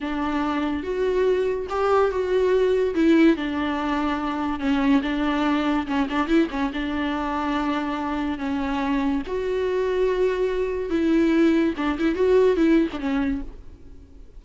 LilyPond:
\new Staff \with { instrumentName = "viola" } { \time 4/4 \tempo 4 = 143 d'2 fis'2 | g'4 fis'2 e'4 | d'2. cis'4 | d'2 cis'8 d'8 e'8 cis'8 |
d'1 | cis'2 fis'2~ | fis'2 e'2 | d'8 e'8 fis'4 e'8. d'16 cis'4 | }